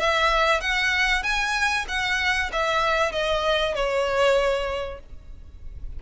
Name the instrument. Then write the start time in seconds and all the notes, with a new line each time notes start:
violin
0.00 E5
0.61 F#5
1.23 G#5
1.88 F#5
2.53 E5
3.12 D#5
3.75 C#5